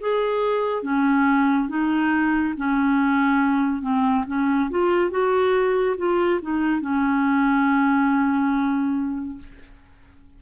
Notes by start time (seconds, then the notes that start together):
0.00 G#4
0.83 C#4
1.68 D#4
2.57 C#4
3.82 C4
4.27 C#4
4.70 F4
5.10 F#4
5.97 F4
6.42 D#4
6.81 C#4